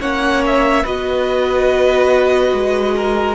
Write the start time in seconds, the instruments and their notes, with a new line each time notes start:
0.00 cello A#3, viola C#4, violin C#5 F#5
0.46 violin E5
0.83 cello B3, viola F#4, violin B4 D#5
2.53 cello G#3
2.96 violin A#4